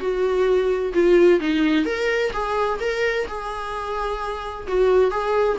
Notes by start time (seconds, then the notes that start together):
0.00 F#4
0.94 F4
1.40 D#4
1.85 A#4
2.33 G#4
2.80 A#4
3.27 G#4
4.68 F#4
5.11 G#4